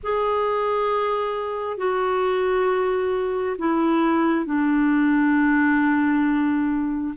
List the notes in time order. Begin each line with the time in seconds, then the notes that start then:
0.02 G#4
1.77 F#4
3.58 E4
4.45 D4